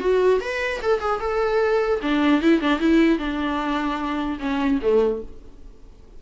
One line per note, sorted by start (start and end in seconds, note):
0.00 0.40 F#4
0.40 0.80 B4
0.82 1.00 A4
1.00 1.20 G#4
1.20 2.00 A4
2.02 2.42 D4
2.42 2.61 E4
2.61 2.80 D4
2.80 3.19 E4
3.19 4.39 D4
4.40 4.80 C#4
4.82 5.22 A3